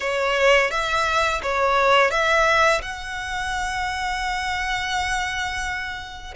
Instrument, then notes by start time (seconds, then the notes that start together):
violin
0.00 C#5
0.71 E5
1.42 C#5
2.10 E5
2.81 F#5